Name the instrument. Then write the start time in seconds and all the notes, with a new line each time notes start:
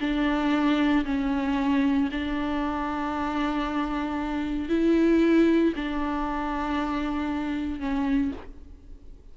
viola
0.00 D4
1.05 C#4
2.11 D4
4.69 E4
5.76 D4
7.80 C#4